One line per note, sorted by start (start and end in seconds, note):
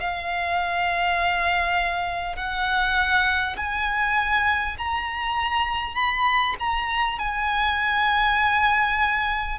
0.00 2.36 F5
2.36 3.56 F#5
3.57 4.77 G#5
4.78 5.95 A#5
5.95 6.55 B5
6.59 7.18 A#5
7.18 9.58 G#5